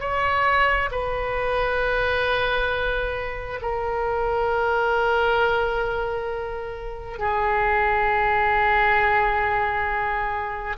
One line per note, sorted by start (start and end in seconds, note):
0.00 0.90 C#5
0.92 3.60 B4
3.62 7.19 A#4
7.19 10.77 G#4